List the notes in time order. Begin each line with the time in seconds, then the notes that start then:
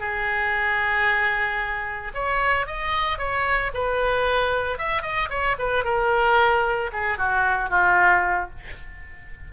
0.00 G#4
2.14 C#5
2.66 D#5
3.18 C#5
3.74 B4
4.78 E5
5.02 D#5
5.30 C#5
5.58 B4
5.84 A#4
6.93 G#4
7.18 F#4
7.70 F4